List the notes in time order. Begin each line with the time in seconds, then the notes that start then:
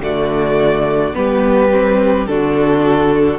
0.00 D3 A3 F#4 D5
1.14 G3 B3 G4 B4
1.71 C4
2.26 D3 D4 F#4 A4